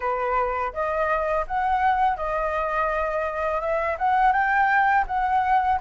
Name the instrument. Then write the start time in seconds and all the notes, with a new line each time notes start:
flute
0.00 B4
0.73 D#5
1.47 F#5
2.17 D#5
3.60 E5
3.98 F#5
4.32 G5
5.07 F#5